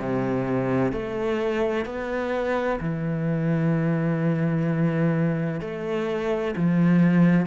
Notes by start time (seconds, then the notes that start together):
0.00 C3
0.92 A3
1.86 B3
2.81 E3
5.61 A3
6.57 F3